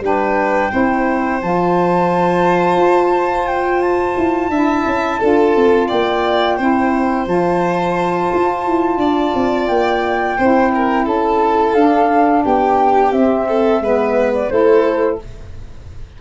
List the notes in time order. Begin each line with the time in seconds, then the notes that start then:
0.00 G3 D4 B4 G5
0.71 C4 E4 C5
1.41 F3 F4 A5
2.77 F4
3.47 G5
3.81 A5
4.17 E4
4.49 D4 E4 E5
4.85 C#4
5.19 D4 F4 A4
5.55 C4
5.88 A#3 D5 G5
6.56 C4 E4 C5
7.26 F3 F4 A5
8.33 F4
8.66 E4
8.97 D4 D5
9.34 C4
9.67 A#3 G5
10.37 C4 E4 C5
10.74 A#4
11.05 C#4 A4 A5
11.74 D4 F5
12.43 B3 G4 G5
13.11 C4 E5
13.48 A4
13.80 G#3 B3 B4
14.34 D5
14.49 A3 E4 A4 C5